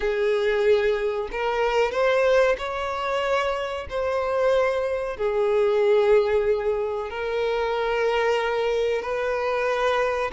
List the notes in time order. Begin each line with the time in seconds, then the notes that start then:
0.00 G#4
1.31 A#4
1.91 C5
2.58 C#5
3.89 C5
5.16 G#4
7.10 A#4
9.01 B4